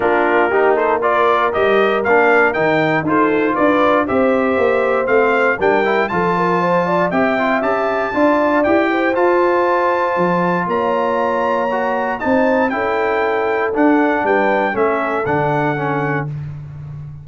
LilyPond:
<<
  \new Staff \with { instrumentName = "trumpet" } { \time 4/4 \tempo 4 = 118 ais'4. c''8 d''4 dis''4 | f''4 g''4 c''4 d''4 | e''2 f''4 g''4 | a''2 g''4 a''4~ |
a''4 g''4 a''2~ | a''4 ais''2. | a''4 g''2 fis''4 | g''4 e''4 fis''2 | }
  \new Staff \with { instrumentName = "horn" } { \time 4/4 f'4 g'8 a'8 ais'2~ | ais'2 a'4 b'4 | c''2. ais'4 | a'8 ais'8 c''8 d''8 e''2 |
d''4. c''2~ c''8~ | c''4 cis''2. | c''4 a'2. | b'4 a'2. | }
  \new Staff \with { instrumentName = "trombone" } { \time 4/4 d'4 dis'4 f'4 g'4 | d'4 dis'4 f'2 | g'2 c'4 d'8 e'8 | f'2 g'8 f'8 g'4 |
f'4 g'4 f'2~ | f'2. fis'4 | dis'4 e'2 d'4~ | d'4 cis'4 d'4 cis'4 | }
  \new Staff \with { instrumentName = "tuba" } { \time 4/4 ais2. g4 | ais4 dis4 dis'4 d'4 | c'4 ais4 a4 g4 | f2 c'4 cis'4 |
d'4 e'4 f'2 | f4 ais2. | c'4 cis'2 d'4 | g4 a4 d2 | }
>>